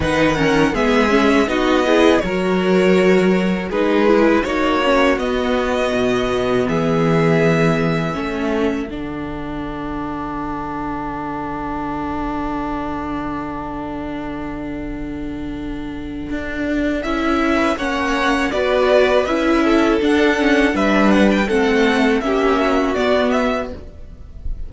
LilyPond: <<
  \new Staff \with { instrumentName = "violin" } { \time 4/4 \tempo 4 = 81 fis''4 e''4 dis''4 cis''4~ | cis''4 b'4 cis''4 dis''4~ | dis''4 e''2. | fis''1~ |
fis''1~ | fis''2. e''4 | fis''4 d''4 e''4 fis''4 | e''8 fis''16 g''16 fis''4 e''4 d''8 e''8 | }
  \new Staff \with { instrumentName = "violin" } { \time 4/4 b'8 ais'8 gis'4 fis'8 gis'8 ais'4~ | ais'4 gis'4 fis'2~ | fis'4 gis'2 a'4~ | a'1~ |
a'1~ | a'2.~ a'8. b'16 | cis''4 b'4. a'4. | b'4 a'4 g'8 fis'4. | }
  \new Staff \with { instrumentName = "viola" } { \time 4/4 dis'8 cis'8 b8 cis'8 dis'8 e'8 fis'4~ | fis'4 dis'8 e'8 dis'8 cis'8 b4~ | b2. cis'4 | d'1~ |
d'1~ | d'2. e'4 | cis'4 fis'4 e'4 d'8 cis'8 | d'4 c'4 cis'4 b4 | }
  \new Staff \with { instrumentName = "cello" } { \time 4/4 dis4 gis4 b4 fis4~ | fis4 gis4 ais4 b4 | b,4 e2 a4 | d1~ |
d1~ | d2 d'4 cis'4 | ais4 b4 cis'4 d'4 | g4 a4 ais4 b4 | }
>>